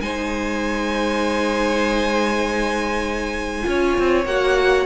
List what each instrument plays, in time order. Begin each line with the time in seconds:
0.00 cello G#3, viola D#4, violin C5 G#5
3.62 cello C#4, viola F4, violin C#5
3.98 cello C4
4.25 cello A#3, viola F#4, violin F#5